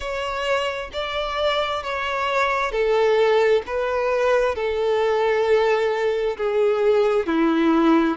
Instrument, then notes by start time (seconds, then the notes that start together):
violin
0.00 C#5
0.93 D5
1.83 C#5
2.71 A4
3.66 B4
4.55 A4
6.37 G#4
7.26 E4